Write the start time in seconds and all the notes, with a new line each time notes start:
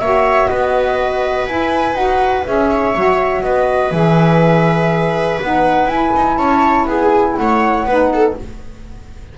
0.00 A#3 F#4 C#5 E5
0.48 B3 B4 D#5
1.47 E4 G#5
1.94 D#4 F#4 F#5
2.45 C#4 G#4 E5
2.70 C#5
2.94 F#3 F#4
3.42 B3 B4 D#5
3.91 E3 G#4 E5
5.42 B3 D#4 F#5
5.86 E4 G#5
6.16 D#4
6.37 C#4 C#5 A5
6.86 B3 G#4 G#5
7.36 A3 C#5 F#5
7.84 B3 D#4 B4
8.13 A4